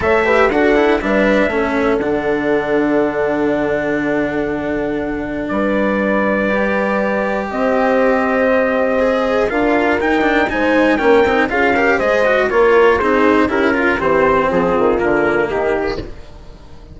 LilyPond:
<<
  \new Staff \with { instrumentName = "trumpet" } { \time 4/4 \tempo 4 = 120 e''4 fis''4 e''2 | fis''1~ | fis''2. d''4~ | d''2. dis''4~ |
dis''2. f''4 | g''4 gis''4 g''4 f''4 | dis''4 cis''4 c''4 ais'4 | c''4 gis'4 ais'4 g'4 | }
  \new Staff \with { instrumentName = "horn" } { \time 4/4 cis''8 b'8 a'4 b'4 a'4~ | a'1~ | a'2. b'4~ | b'2. c''4~ |
c''2. ais'4~ | ais'4 c''4 ais'4 gis'8 ais'8 | c''4 ais'4 gis'4 g'8 f'8 | g'4 f'2 dis'4 | }
  \new Staff \with { instrumentName = "cello" } { \time 4/4 a'8 g'8 fis'8 e'8 d'4 cis'4 | d'1~ | d'1~ | d'4 g'2.~ |
g'2 gis'4 f'4 | dis'8 d'8 dis'4 cis'8 dis'8 f'8 g'8 | gis'8 fis'8 f'4 dis'4 e'8 f'8 | c'2 ais2 | }
  \new Staff \with { instrumentName = "bassoon" } { \time 4/4 a4 d'4 g4 a4 | d1~ | d2. g4~ | g2. c'4~ |
c'2. d'4 | dis'4 gis4 ais8 c'8 cis'4 | gis4 ais4 c'4 cis'4 | e4 f8 dis8 d4 dis4 | }
>>